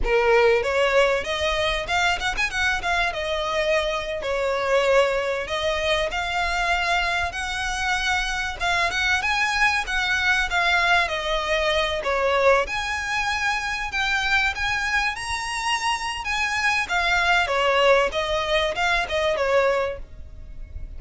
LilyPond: \new Staff \with { instrumentName = "violin" } { \time 4/4 \tempo 4 = 96 ais'4 cis''4 dis''4 f''8 fis''16 gis''16 | fis''8 f''8 dis''4.~ dis''16 cis''4~ cis''16~ | cis''8. dis''4 f''2 fis''16~ | fis''4.~ fis''16 f''8 fis''8 gis''4 fis''16~ |
fis''8. f''4 dis''4. cis''8.~ | cis''16 gis''2 g''4 gis''8.~ | gis''16 ais''4.~ ais''16 gis''4 f''4 | cis''4 dis''4 f''8 dis''8 cis''4 | }